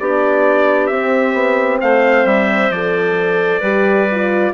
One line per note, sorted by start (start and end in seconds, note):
0.00 0.91 B3
0.00 0.92 D4
0.00 1.81 G4
0.00 0.87 D5
0.87 1.34 C4
0.87 2.74 C4
0.87 1.78 E5
1.34 1.79 B3
1.81 2.25 A3
1.81 3.61 C5
1.81 2.27 F5
2.25 2.71 G3
2.25 2.72 E5
2.71 3.62 F3
2.71 3.63 A4
2.71 4.54 D5
3.61 4.53 G3
3.61 4.09 G4
3.61 4.52 B4
4.12 4.54 F4